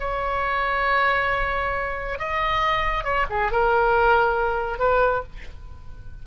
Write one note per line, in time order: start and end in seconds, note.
0.00 2.19 C#5
2.19 3.05 D#5
3.05 3.27 C#5
3.30 3.52 G#4
3.52 4.79 A#4
4.79 5.23 B4